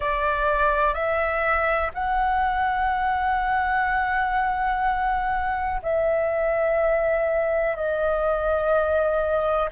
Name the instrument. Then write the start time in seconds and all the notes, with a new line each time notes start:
flute
0.00 D5
0.94 E5
1.94 F#5
5.82 E5
7.76 D#5